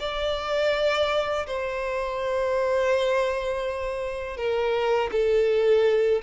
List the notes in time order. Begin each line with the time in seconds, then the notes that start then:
0.00 D5
1.47 C5
4.37 A#4
5.12 A4